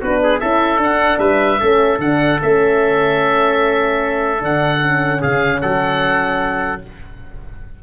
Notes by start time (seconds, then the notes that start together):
0.00 B3 D4 F#4 B4
0.23 G#4
0.40 C#4 E4 A4 E5
0.78 D4 F#5
1.18 G3 B4 E5
1.60 A3 C#4 A4
1.98 D3 D4 F#5
2.40 A3 C#4 E5
4.39 D3 D4 F#5
4.81 C#4
5.20 C#3 G#4 F5
5.61 F#3 A4 F#5